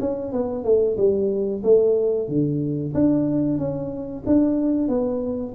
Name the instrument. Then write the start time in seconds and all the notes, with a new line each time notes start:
tuba
0.00 C#4
0.32 B3
0.64 A3
0.97 G3
1.63 A3
2.28 D3
2.94 D4
3.58 C#4
4.26 D4
4.88 B3